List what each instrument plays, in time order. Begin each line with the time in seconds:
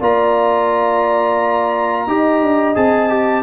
0.00 tuba A#3, trombone F4, horn D5, trumpet A#5
2.07 tuba D#4, trombone G4, horn D#5
2.41 tuba D4
2.75 tuba C4, trombone G#4, trumpet A5
3.09 trombone G4